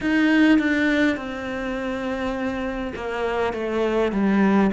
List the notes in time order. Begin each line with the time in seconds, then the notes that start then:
0.00 D#4
0.58 D4
1.17 C4
2.95 A#3
3.53 A3
4.12 G3